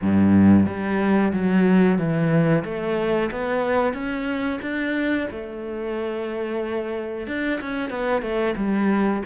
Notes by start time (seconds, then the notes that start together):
0.01 G2
0.66 G3
1.32 F#3
1.98 E3
2.64 A3
3.31 B3
3.93 C#4
4.61 D4
5.30 A3
7.27 D4
7.60 C#4
7.89 B3
8.21 A3
8.56 G3